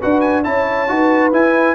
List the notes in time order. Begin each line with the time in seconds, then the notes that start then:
0.00 D4 F#4 B4 F#5
0.21 G#5
0.44 C#4 E4 C#5 A5
0.88 D#4 F#4 B4
1.32 E4 G#5